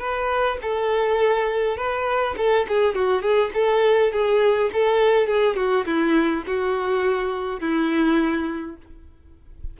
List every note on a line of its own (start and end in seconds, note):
0.00 0.58 B4
0.62 1.77 A4
1.77 2.36 B4
2.38 2.67 A4
2.69 2.96 G#4
2.96 3.22 F#4
3.22 3.51 G#4
3.54 4.13 A4
4.13 4.71 G#4
4.74 5.28 A4
5.28 5.57 G#4
5.57 5.86 F#4
5.86 6.44 E4
6.47 7.60 F#4
7.60 8.77 E4